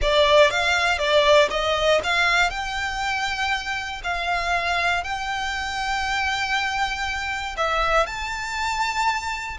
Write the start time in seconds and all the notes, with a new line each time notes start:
0.01 D5
0.50 F5
0.98 D5
1.50 D#5
2.03 F5
2.50 G5
4.03 F5
5.03 G5
7.57 E5
8.06 A5